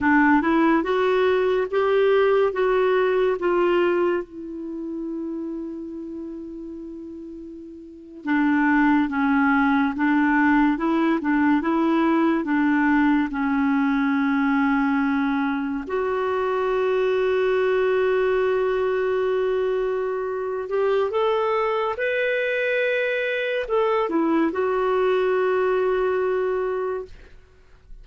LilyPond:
\new Staff \with { instrumentName = "clarinet" } { \time 4/4 \tempo 4 = 71 d'8 e'8 fis'4 g'4 fis'4 | f'4 e'2.~ | e'4.~ e'16 d'4 cis'4 d'16~ | d'8. e'8 d'8 e'4 d'4 cis'16~ |
cis'2~ cis'8. fis'4~ fis'16~ | fis'1~ | fis'8 g'8 a'4 b'2 | a'8 e'8 fis'2. | }